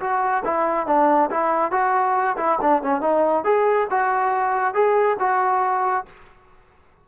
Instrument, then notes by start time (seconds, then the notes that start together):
trombone
0.00 F#4
0.44 E4
0.86 D4
1.30 E4
1.71 F#4
2.36 E4
2.61 D4
2.82 C#4
3.01 D#4
3.44 G#4
3.90 F#4
4.74 G#4
5.19 F#4